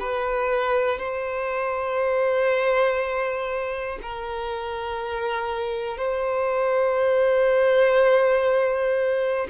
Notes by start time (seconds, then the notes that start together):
0.00 B4
0.99 C5
4.02 A#4
5.98 C5